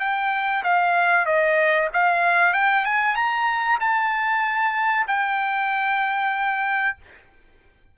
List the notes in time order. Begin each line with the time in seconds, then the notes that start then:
0.00 G5
0.63 F5
1.26 D#5
1.94 F5
2.54 G5
2.85 G#5
3.16 A#5
3.81 A5
5.08 G5